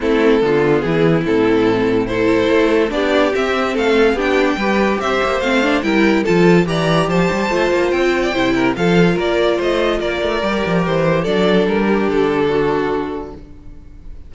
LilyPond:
<<
  \new Staff \with { instrumentName = "violin" } { \time 4/4 \tempo 4 = 144 a'2 gis'4 a'4~ | a'4 c''2 d''4 | e''4 f''4 g''2 | e''4 f''4 g''4 a''4 |
ais''4 a''2 g''4~ | g''4 f''4 d''4 dis''4 | d''2 c''4 d''4 | ais'4 a'2. | }
  \new Staff \with { instrumentName = "violin" } { \time 4/4 e'4 f'4 e'2~ | e'4 a'2 g'4~ | g'4 a'4 g'4 b'4 | c''2 ais'4 a'4 |
d''4 c''2~ c''8. d''16 | c''8 ais'8 a'4 ais'4 c''4 | ais'2. a'4~ | a'8 g'4. fis'2 | }
  \new Staff \with { instrumentName = "viola" } { \time 4/4 c'4 b2 c'4~ | c'4 e'2 d'4 | c'2 d'4 g'4~ | g'4 c'8 d'8 e'4 f'4 |
g'2 f'2 | e'4 f'2.~ | f'4 g'2 d'4~ | d'1 | }
  \new Staff \with { instrumentName = "cello" } { \time 4/4 a4 d4 e4 a,4~ | a,2 a4 b4 | c'4 a4 b4 g4 | c'8 ais8 a4 g4 f4 |
e4 f8 g8 a8 ais8 c'4 | c4 f4 ais4 a4 | ais8 a8 g8 f8 e4 fis4 | g4 d2. | }
>>